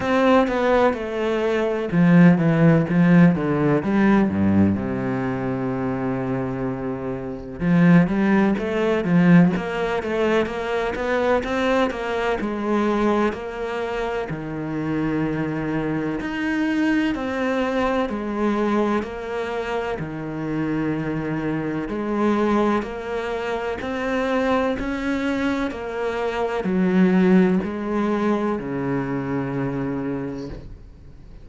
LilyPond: \new Staff \with { instrumentName = "cello" } { \time 4/4 \tempo 4 = 63 c'8 b8 a4 f8 e8 f8 d8 | g8 g,8 c2. | f8 g8 a8 f8 ais8 a8 ais8 b8 | c'8 ais8 gis4 ais4 dis4~ |
dis4 dis'4 c'4 gis4 | ais4 dis2 gis4 | ais4 c'4 cis'4 ais4 | fis4 gis4 cis2 | }